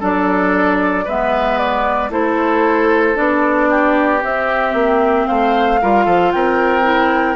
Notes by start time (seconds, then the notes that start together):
0.00 F#3 D4 A4 D5
1.05 G#3 B3 B4 E5
1.58 D5
2.10 A3 E4 A4 C5
3.15 B3 D4 D5
3.70 G4
4.22 C4 E5
4.74 A#3
5.27 A3 C5 F5
5.81 G3 F4 A#4
6.05 F3 A4
6.32 C4 A#4 G5
6.83 E4